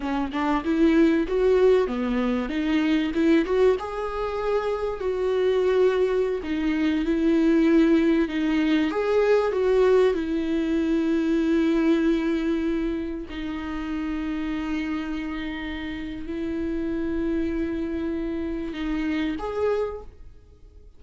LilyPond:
\new Staff \with { instrumentName = "viola" } { \time 4/4 \tempo 4 = 96 cis'8 d'8 e'4 fis'4 b4 | dis'4 e'8 fis'8 gis'2 | fis'2~ fis'16 dis'4 e'8.~ | e'4~ e'16 dis'4 gis'4 fis'8.~ |
fis'16 e'2.~ e'8.~ | e'4~ e'16 dis'2~ dis'8.~ | dis'2 e'2~ | e'2 dis'4 gis'4 | }